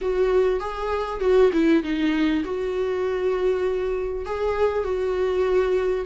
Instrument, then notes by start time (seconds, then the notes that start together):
viola
0.01 F#4
0.60 G#4
1.20 F#4
1.53 E4
1.83 D#4
2.44 F#4
4.25 G#4
4.84 F#4